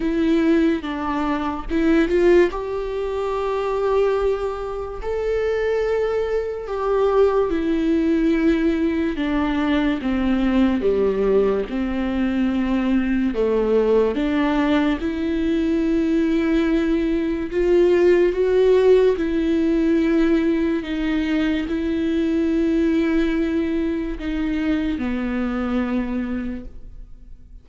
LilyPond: \new Staff \with { instrumentName = "viola" } { \time 4/4 \tempo 4 = 72 e'4 d'4 e'8 f'8 g'4~ | g'2 a'2 | g'4 e'2 d'4 | c'4 g4 c'2 |
a4 d'4 e'2~ | e'4 f'4 fis'4 e'4~ | e'4 dis'4 e'2~ | e'4 dis'4 b2 | }